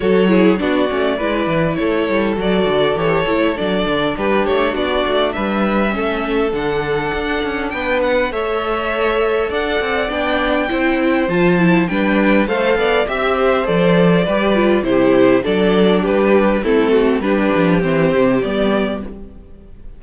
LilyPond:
<<
  \new Staff \with { instrumentName = "violin" } { \time 4/4 \tempo 4 = 101 cis''4 d''2 cis''4 | d''4 cis''4 d''4 b'8 cis''8 | d''4 e''2 fis''4~ | fis''4 g''8 fis''8 e''2 |
fis''4 g''2 a''4 | g''4 f''4 e''4 d''4~ | d''4 c''4 d''4 b'4 | a'4 b'4 c''4 d''4 | }
  \new Staff \with { instrumentName = "violin" } { \time 4/4 a'8 gis'8 fis'4 b'4 a'4~ | a'2. g'4 | fis'4 b'4 a'2~ | a'4 b'4 cis''2 |
d''2 c''2 | b'4 c''8 d''8 e''8 c''4. | b'4 g'4 a'4 g'4 | e'8 fis'8 g'2. | }
  \new Staff \with { instrumentName = "viola" } { \time 4/4 fis'8 e'8 d'8 cis'8 e'2 | fis'4 g'8 e'8 d'2~ | d'2 cis'4 d'4~ | d'2 a'2~ |
a'4 d'4 e'4 f'8 e'8 | d'4 a'4 g'4 a'4 | g'8 f'8 e'4 d'2 | c'4 d'4 c'4 b4 | }
  \new Staff \with { instrumentName = "cello" } { \time 4/4 fis4 b8 a8 gis8 e8 a8 g8 | fis8 d8 e8 a8 fis8 d8 g8 a8 | b8 a8 g4 a4 d4 | d'8 cis'8 b4 a2 |
d'8 c'8 b4 c'4 f4 | g4 a8 b8 c'4 f4 | g4 c4 fis4 g4 | a4 g8 f8 e8 c8 g4 | }
>>